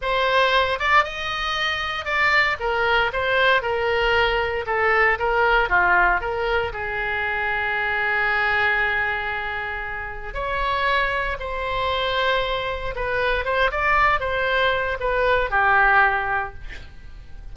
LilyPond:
\new Staff \with { instrumentName = "oboe" } { \time 4/4 \tempo 4 = 116 c''4. d''8 dis''2 | d''4 ais'4 c''4 ais'4~ | ais'4 a'4 ais'4 f'4 | ais'4 gis'2.~ |
gis'1 | cis''2 c''2~ | c''4 b'4 c''8 d''4 c''8~ | c''4 b'4 g'2 | }